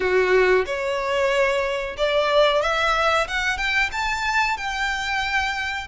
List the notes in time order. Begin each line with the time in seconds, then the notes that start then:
0.00 F#4
0.66 C#5
1.97 D5
2.61 E5
3.27 F#5
3.57 G5
3.92 A5
4.57 G5